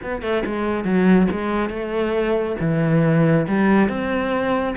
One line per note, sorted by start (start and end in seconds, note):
0.03 0.21 B3
0.21 0.43 A3
0.45 0.84 G#3
0.84 1.27 F#3
1.31 1.69 G#3
1.69 2.56 A3
2.60 3.46 E3
3.47 3.88 G3
3.88 4.75 C4